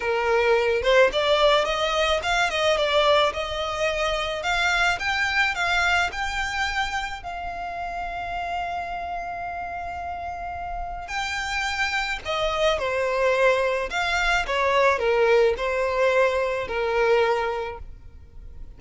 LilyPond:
\new Staff \with { instrumentName = "violin" } { \time 4/4 \tempo 4 = 108 ais'4. c''8 d''4 dis''4 | f''8 dis''8 d''4 dis''2 | f''4 g''4 f''4 g''4~ | g''4 f''2.~ |
f''1 | g''2 dis''4 c''4~ | c''4 f''4 cis''4 ais'4 | c''2 ais'2 | }